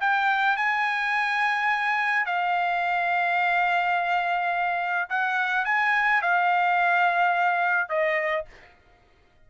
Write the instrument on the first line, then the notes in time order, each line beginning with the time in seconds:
trumpet
0.00 G5
0.56 G#5
2.25 F5
5.09 F#5
5.65 G#5
6.22 F5
7.89 D#5